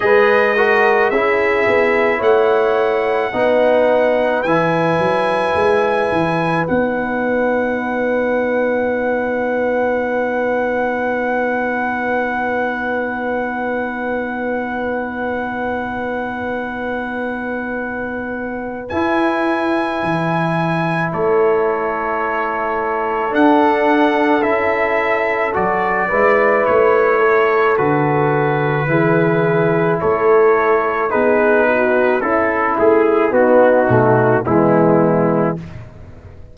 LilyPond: <<
  \new Staff \with { instrumentName = "trumpet" } { \time 4/4 \tempo 4 = 54 dis''4 e''4 fis''2 | gis''2 fis''2~ | fis''1~ | fis''1~ |
fis''4 gis''2 cis''4~ | cis''4 fis''4 e''4 d''4 | cis''4 b'2 cis''4 | b'4 a'8 gis'8 fis'4 e'4 | }
  \new Staff \with { instrumentName = "horn" } { \time 4/4 b'8 ais'8 gis'4 cis''4 b'4~ | b'1~ | b'1~ | b'1~ |
b'2. a'4~ | a'2.~ a'8 b'8~ | b'8 a'4. gis'4 a'4 | gis'8 fis'8 e'4 dis'4 b4 | }
  \new Staff \with { instrumentName = "trombone" } { \time 4/4 gis'8 fis'8 e'2 dis'4 | e'2 dis'2~ | dis'1~ | dis'1~ |
dis'4 e'2.~ | e'4 d'4 e'4 fis'8 e'8~ | e'4 fis'4 e'2 | dis'4 e'4 b8 a8 gis4 | }
  \new Staff \with { instrumentName = "tuba" } { \time 4/4 gis4 cis'8 b8 a4 b4 | e8 fis8 gis8 e8 b2~ | b1~ | b1~ |
b4 e'4 e4 a4~ | a4 d'4 cis'4 fis8 gis8 | a4 d4 e4 a4 | b4 cis'8 a8 b8 b,8 e4 | }
>>